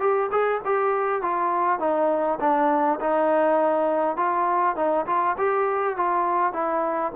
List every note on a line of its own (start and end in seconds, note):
0.00 0.30 G4
0.31 0.61 G#4
0.65 1.22 G4
1.22 1.79 F4
1.79 2.39 D#4
2.40 2.99 D4
3.00 4.16 D#4
4.16 4.76 F4
4.76 5.05 D#4
5.06 5.36 F4
5.38 5.97 G4
5.97 6.53 F4
6.53 7.12 E4